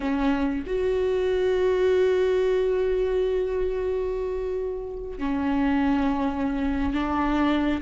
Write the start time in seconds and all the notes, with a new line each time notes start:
0.00 C#4
0.66 F#4
5.18 C#4
6.93 D4